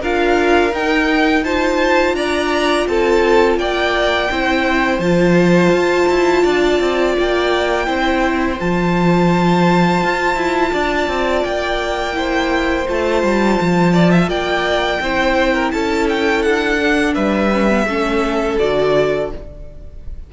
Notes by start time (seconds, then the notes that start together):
0.00 D4 F4 A#4 F5
0.72 D#4 G5
1.43 F4 C5 A5
2.14 D4 D5 A#5
2.86 C4 A4 A5
3.57 A#3 D5 G5
4.30 C4 E4 C5
4.99 F3 F4 A5
5.71 F4
6.08 E4
6.43 D4 D5
6.79 C4
7.19 A#3 G5
7.86 C4 E4 C5
8.59 F3 F4 A5
10.03 F4
10.35 E4
10.72 D4 D5
11.07 C4
11.44 A#3 G5
12.13 E4 C5
12.86 A3 F4 A5
13.23 G3
13.60 F3
13.93 D5
14.10 E5
14.27 A#3 D5 G5
15.00 C4 E4 C5
15.53 A#4
15.71 C#4 A4 A5
16.08 G5
16.42 D4 F#5
16.79 D4
17.14 G3 B4 E5
17.52 C#4
17.69 B3
17.85 A3 C#4 A4
18.58 D3 F#4 D5